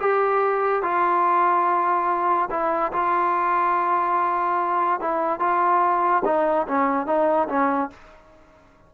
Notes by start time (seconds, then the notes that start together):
0.00 G4
0.82 F4
2.50 E4
2.92 F4
5.00 E4
5.39 F4
6.25 D#4
6.67 C#4
7.06 D#4
7.48 C#4